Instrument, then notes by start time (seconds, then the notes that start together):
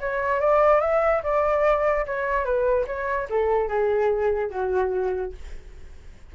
flute
0.00 C#5
0.40 D5
0.80 E5
1.23 D5
2.06 C#5
2.44 B4
2.86 C#5
3.29 A4
3.68 G#4
4.50 F#4